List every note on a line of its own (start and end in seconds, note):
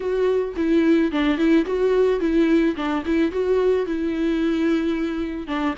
0.00 0.54 F#4
0.56 1.11 E4
1.11 1.37 D4
1.37 1.65 E4
1.65 2.20 F#4
2.20 2.75 E4
2.76 3.03 D4
3.05 3.31 E4
3.31 3.86 F#4
3.86 5.47 E4
5.47 5.74 D4